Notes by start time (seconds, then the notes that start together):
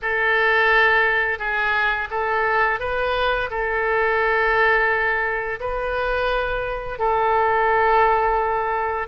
0.02 A4
1.38 G#4
2.10 A4
2.79 B4
3.50 A4
5.60 B4
6.98 A4